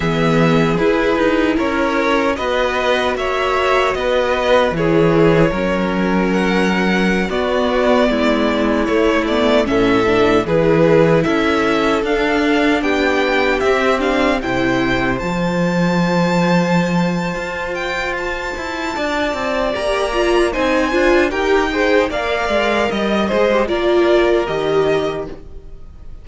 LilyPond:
<<
  \new Staff \with { instrumentName = "violin" } { \time 4/4 \tempo 4 = 76 e''4 b'4 cis''4 dis''4 | e''4 dis''4 cis''2 | fis''4~ fis''16 d''2 cis''8 d''16~ | d''16 e''4 b'4 e''4 f''8.~ |
f''16 g''4 e''8 f''8 g''4 a''8.~ | a''2~ a''8 g''8 a''4~ | a''4 ais''4 gis''4 g''4 | f''4 dis''8 c''8 d''4 dis''4 | }
  \new Staff \with { instrumentName = "violin" } { \time 4/4 gis'2 ais'4 b'4 | cis''4 b'4 gis'4 ais'4~ | ais'4~ ais'16 fis'4 e'4.~ e'16~ | e'16 a'4 gis'4 a'4.~ a'16~ |
a'16 g'2 c''4.~ c''16~ | c''1 | d''2 c''4 ais'8 c''8 | d''4 dis''4 ais'2 | }
  \new Staff \with { instrumentName = "viola" } { \time 4/4 b4 e'2 fis'4~ | fis'2 e'4 cis'4~ | cis'4~ cis'16 b2 a8 b16~ | b16 cis'8 d'8 e'2 d'8.~ |
d'4~ d'16 c'8 d'8 e'4 f'8.~ | f'1~ | f'4 g'8 f'8 dis'8 f'8 g'8 gis'8 | ais'4. gis'16 g'16 f'4 g'4 | }
  \new Staff \with { instrumentName = "cello" } { \time 4/4 e4 e'8 dis'8 cis'4 b4 | ais4 b4 e4 fis4~ | fis4~ fis16 b4 gis4 a8.~ | a16 a,4 e4 cis'4 d'8.~ |
d'16 b4 c'4 c4 f8.~ | f2 f'4. e'8 | d'8 c'8 ais4 c'8 d'8 dis'4 | ais8 gis8 g8 gis8 ais4 dis4 | }
>>